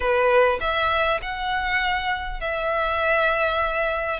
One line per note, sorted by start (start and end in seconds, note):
0.00 0.59 B4
0.60 1.20 E5
1.22 2.40 F#5
2.40 4.19 E5